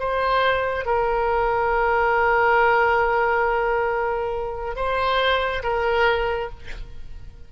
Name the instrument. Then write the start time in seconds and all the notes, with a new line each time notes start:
oboe
0.00 C5
0.86 A#4
4.76 C5
5.63 A#4